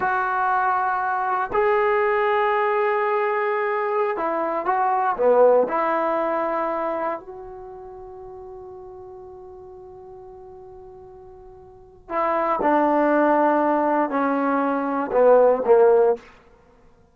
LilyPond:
\new Staff \with { instrumentName = "trombone" } { \time 4/4 \tempo 4 = 119 fis'2. gis'4~ | gis'1~ | gis'16 e'4 fis'4 b4 e'8.~ | e'2~ e'16 fis'4.~ fis'16~ |
fis'1~ | fis'1 | e'4 d'2. | cis'2 b4 ais4 | }